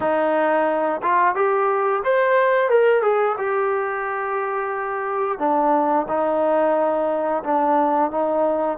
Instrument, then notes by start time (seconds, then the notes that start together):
trombone
0.00 D#4
1.02 F4
1.35 G4
2.04 C5
2.69 A#4
3.02 G#4
3.37 G4
5.38 D4
6.08 D#4
7.43 D4
8.10 D#4